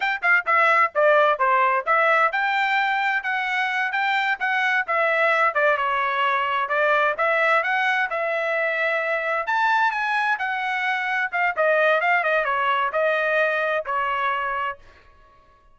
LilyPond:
\new Staff \with { instrumentName = "trumpet" } { \time 4/4 \tempo 4 = 130 g''8 f''8 e''4 d''4 c''4 | e''4 g''2 fis''4~ | fis''8 g''4 fis''4 e''4. | d''8 cis''2 d''4 e''8~ |
e''8 fis''4 e''2~ e''8~ | e''8 a''4 gis''4 fis''4.~ | fis''8 f''8 dis''4 f''8 dis''8 cis''4 | dis''2 cis''2 | }